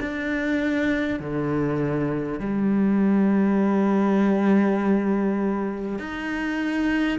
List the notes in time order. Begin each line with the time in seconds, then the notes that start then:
0.00 D4
1.19 D3
2.39 G3
5.98 D#4